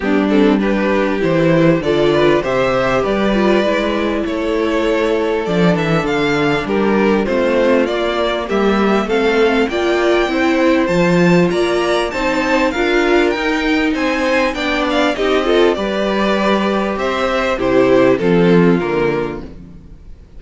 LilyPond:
<<
  \new Staff \with { instrumentName = "violin" } { \time 4/4 \tempo 4 = 99 g'8 a'8 b'4 c''4 d''4 | e''4 d''2 cis''4~ | cis''4 d''8 e''8 f''4 ais'4 | c''4 d''4 e''4 f''4 |
g''2 a''4 ais''4 | a''4 f''4 g''4 gis''4 | g''8 f''8 dis''4 d''2 | e''4 c''4 a'4 ais'4 | }
  \new Staff \with { instrumentName = "violin" } { \time 4/4 d'4 g'2 a'8 b'8 | c''4 b'2 a'4~ | a'2. g'4 | f'2 g'4 a'4 |
d''4 c''2 d''4 | c''4 ais'2 c''4 | d''4 g'8 a'8 b'2 | c''4 g'4 f'2 | }
  \new Staff \with { instrumentName = "viola" } { \time 4/4 b8 c'8 d'4 e'4 f'4 | g'4. f'8 e'2~ | e'4 d'2. | c'4 ais2 c'4 |
f'4 e'4 f'2 | dis'4 f'4 dis'2 | d'4 dis'8 f'8 g'2~ | g'4 e'4 c'4 ais4 | }
  \new Staff \with { instrumentName = "cello" } { \time 4/4 g2 e4 d4 | c4 g4 gis4 a4~ | a4 f8 e8 d4 g4 | a4 ais4 g4 a4 |
ais4 c'4 f4 ais4 | c'4 d'4 dis'4 c'4 | b4 c'4 g2 | c'4 c4 f4 d4 | }
>>